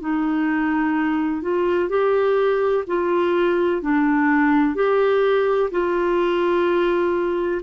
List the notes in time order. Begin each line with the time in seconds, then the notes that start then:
0.00 D#4
1.42 F4
1.89 G4
2.87 F4
3.81 D4
4.75 G4
5.71 F4